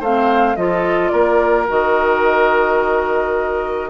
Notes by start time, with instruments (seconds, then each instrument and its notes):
0.00 bassoon A3, clarinet C4, oboe C5, flute F5
0.56 bassoon F3, clarinet F4, oboe A4, flute D#5
1.09 bassoon A#3, oboe A#4, flute D5
1.68 bassoon D#3, clarinet F#4, flute D#5